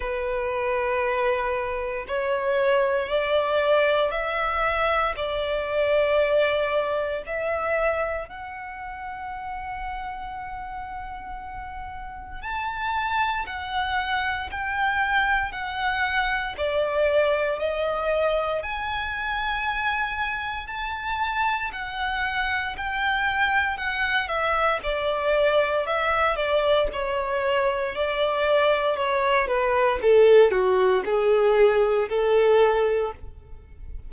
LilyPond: \new Staff \with { instrumentName = "violin" } { \time 4/4 \tempo 4 = 58 b'2 cis''4 d''4 | e''4 d''2 e''4 | fis''1 | a''4 fis''4 g''4 fis''4 |
d''4 dis''4 gis''2 | a''4 fis''4 g''4 fis''8 e''8 | d''4 e''8 d''8 cis''4 d''4 | cis''8 b'8 a'8 fis'8 gis'4 a'4 | }